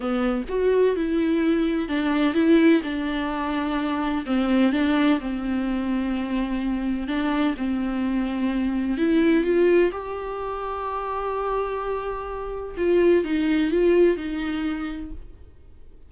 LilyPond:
\new Staff \with { instrumentName = "viola" } { \time 4/4 \tempo 4 = 127 b4 fis'4 e'2 | d'4 e'4 d'2~ | d'4 c'4 d'4 c'4~ | c'2. d'4 |
c'2. e'4 | f'4 g'2.~ | g'2. f'4 | dis'4 f'4 dis'2 | }